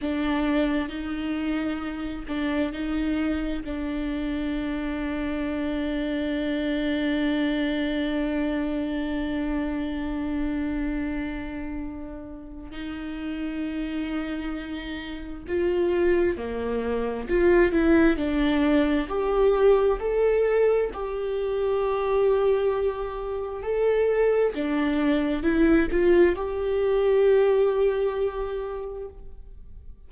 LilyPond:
\new Staff \with { instrumentName = "viola" } { \time 4/4 \tempo 4 = 66 d'4 dis'4. d'8 dis'4 | d'1~ | d'1~ | d'2 dis'2~ |
dis'4 f'4 ais4 f'8 e'8 | d'4 g'4 a'4 g'4~ | g'2 a'4 d'4 | e'8 f'8 g'2. | }